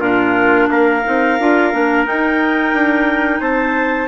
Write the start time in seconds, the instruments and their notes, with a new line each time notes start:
0.00 bassoon A#2, clarinet D4 A#4, trumpet F4
0.70 bassoon A#3, trumpet A#4, clarinet F5
1.05 bassoon C4, clarinet D#4
1.39 bassoon D4, clarinet F4
1.73 bassoon A#3, clarinet D4
2.06 clarinet D#4 G5, bassoon D#4
2.74 bassoon D4
3.41 bassoon C4, trumpet C5, clarinet A5